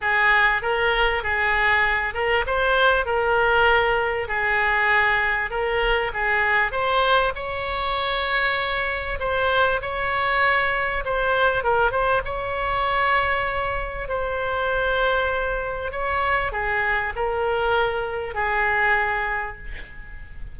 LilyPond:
\new Staff \with { instrumentName = "oboe" } { \time 4/4 \tempo 4 = 98 gis'4 ais'4 gis'4. ais'8 | c''4 ais'2 gis'4~ | gis'4 ais'4 gis'4 c''4 | cis''2. c''4 |
cis''2 c''4 ais'8 c''8 | cis''2. c''4~ | c''2 cis''4 gis'4 | ais'2 gis'2 | }